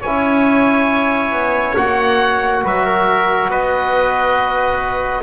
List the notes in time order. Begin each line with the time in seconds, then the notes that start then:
0.00 C#4 E4 C#5 G#5
1.31 B3
1.76 A#3 F#4 F#5
2.63 F#3 B4 E5
2.85 A#4
3.48 B3 B4 D#5